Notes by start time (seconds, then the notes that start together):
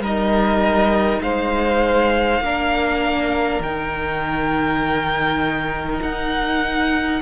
0.00 G3 D#4 A#4 D#5
1.21 G#3 C5 F5
2.40 A#3 D4 A#4
3.60 D#3 D#4 G5
6.02 D#4 F#5